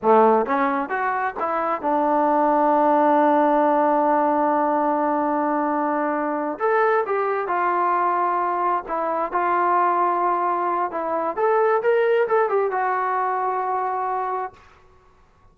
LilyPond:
\new Staff \with { instrumentName = "trombone" } { \time 4/4 \tempo 4 = 132 a4 cis'4 fis'4 e'4 | d'1~ | d'1~ | d'2~ d'8 a'4 g'8~ |
g'8 f'2. e'8~ | e'8 f'2.~ f'8 | e'4 a'4 ais'4 a'8 g'8 | fis'1 | }